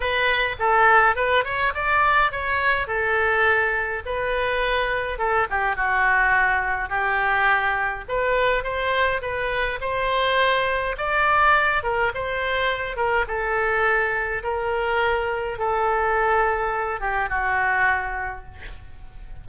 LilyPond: \new Staff \with { instrumentName = "oboe" } { \time 4/4 \tempo 4 = 104 b'4 a'4 b'8 cis''8 d''4 | cis''4 a'2 b'4~ | b'4 a'8 g'8 fis'2 | g'2 b'4 c''4 |
b'4 c''2 d''4~ | d''8 ais'8 c''4. ais'8 a'4~ | a'4 ais'2 a'4~ | a'4. g'8 fis'2 | }